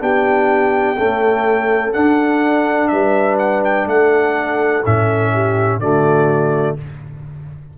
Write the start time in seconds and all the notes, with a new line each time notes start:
0.00 B3 D4 G4 G5
0.98 A3 C#4 A4
1.93 D4 F#5
2.88 G3 B4 E5
3.39 F#5
3.65 G5
3.86 A3 A4 F#5
4.86 A2 C#4 E5
5.33 G4
5.80 D3 A3 F#4 D5